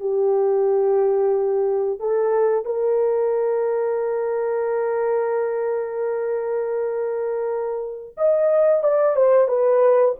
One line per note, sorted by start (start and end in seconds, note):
0.00 1.99 G4
1.99 2.65 A4
2.65 8.15 A#4
8.17 8.83 D#5
8.83 9.16 D5
9.16 9.48 C5
9.48 10.15 B4